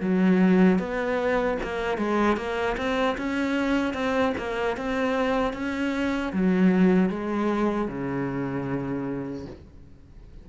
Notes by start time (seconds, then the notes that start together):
0.00 F#3
0.78 B3
1.63 A#3
1.97 G#3
2.36 A#3
2.77 C4
3.17 C#4
3.93 C4
4.37 A#3
4.77 C4
5.53 C#4
6.33 F#3
7.09 G#3
7.88 C#3